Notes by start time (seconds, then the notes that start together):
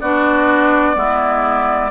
0.00 B3 D4 F#4 D5
0.94 G#3 B3 E4